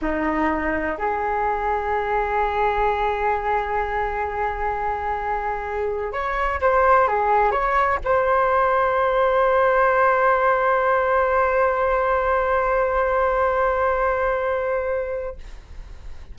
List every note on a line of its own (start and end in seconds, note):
0.01 0.97 D#4
0.98 6.12 G#4
6.12 6.60 C#5
6.60 7.07 C5
7.07 7.51 G#4
7.51 7.99 C#5
8.04 15.36 C5